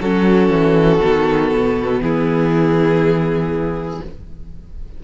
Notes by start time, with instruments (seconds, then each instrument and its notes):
0.00 cello F#3, viola C#4, violin F#4 A4
0.49 cello E3
1.01 cello D#3, viola B3
1.52 cello B2
2.00 cello E3, violin E4 G#4